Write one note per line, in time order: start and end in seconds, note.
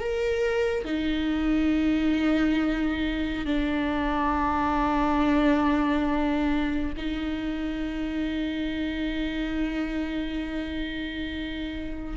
0.00 0.85 A#4
0.85 3.45 D#4
3.45 6.93 D4
6.97 12.17 D#4